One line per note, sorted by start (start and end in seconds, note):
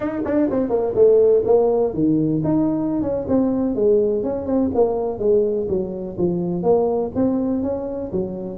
0.00 0.21 D#4
0.25 0.49 D4
0.50 0.69 C4
0.69 0.93 A#3
0.95 1.43 A3
1.45 1.93 A#3
1.93 2.41 D#3
2.44 3.01 D#4
3.01 3.26 C#4
3.28 3.75 C4
3.75 4.23 G#3
4.23 4.46 C#4
4.46 4.70 C4
4.74 5.18 A#3
5.18 5.67 G#3
5.68 6.16 F#3
6.18 6.62 F3
6.62 7.11 A#3
7.15 7.62 C4
7.62 8.11 C#4
8.12 8.58 F#3